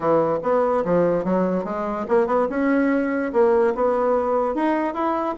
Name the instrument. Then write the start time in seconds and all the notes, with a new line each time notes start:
bassoon
0.00 E3
0.42 B3
0.85 F3
1.24 F#3
1.64 G#3
2.08 A#3
2.26 B3
2.49 C#4
3.32 A#3
3.74 B3
4.54 D#4
4.94 E4